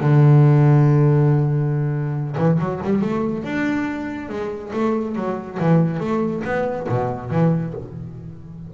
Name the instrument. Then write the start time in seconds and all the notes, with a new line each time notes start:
double bass
0.00 D3
2.37 E3
2.59 F#3
2.83 G3
3.01 A3
3.43 D4
4.28 G#3
4.73 A3
5.15 F#3
5.59 E3
5.99 A3
6.44 B3
6.89 B2
7.30 E3